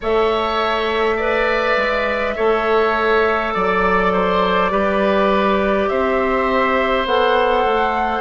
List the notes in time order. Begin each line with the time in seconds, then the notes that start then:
0.00 A3 A4 C#5 E5
1.16 B4 D5
1.76 G#3
2.36 A3 A4 C#5
3.53 F#3 D5
4.12 C5
4.70 G3 G4 B4
5.88 C4 C5 E5
7.05 B3 A4 F#5
7.64 A3